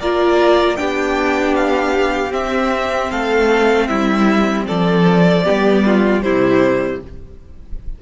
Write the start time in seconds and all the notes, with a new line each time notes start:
0.00 A#3 F4 A#4 D5
0.77 B3 D4 G4 G5
1.55 F5
2.30 C4 E5
3.11 A3 A4 F5
3.87 G3 E4 E5
4.67 F3 A4 D5
5.44 G3 B3 G4
5.86 F4
6.22 C3 G3 E4 C5